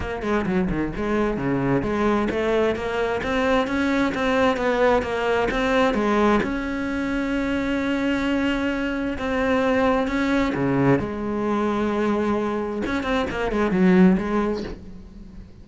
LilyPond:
\new Staff \with { instrumentName = "cello" } { \time 4/4 \tempo 4 = 131 ais8 gis8 fis8 dis8 gis4 cis4 | gis4 a4 ais4 c'4 | cis'4 c'4 b4 ais4 | c'4 gis4 cis'2~ |
cis'1 | c'2 cis'4 cis4 | gis1 | cis'8 c'8 ais8 gis8 fis4 gis4 | }